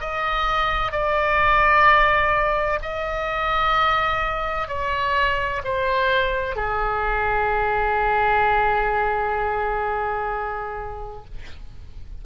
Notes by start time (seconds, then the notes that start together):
0.00 D#5
0.92 D5
2.82 D#5
4.68 C#5
5.64 C5
6.56 G#4